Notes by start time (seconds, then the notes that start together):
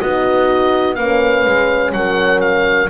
0.00 B3 D#4 F#4 D#5
0.96 A#3 C#4 B4 F5
1.46 G#3
1.93 F#3 A#4 F#5
2.41 F5